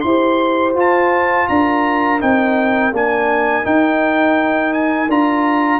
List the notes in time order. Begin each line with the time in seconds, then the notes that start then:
0.00 E4 G4 C5 C6
0.75 F4 A5
1.48 D4 A#4 A#5
2.20 C4 D#4 G5
2.92 A#3 D4 G#5
3.63 D#4 G5
4.73 G#5
5.08 D4 F4 A#5